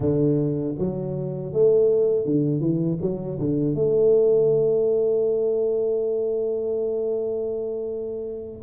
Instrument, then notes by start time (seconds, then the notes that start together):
tuba
0.00 D3
0.78 F#3
1.52 A3
2.25 D3
2.60 E3
3.01 F#3
3.39 D3
3.74 A3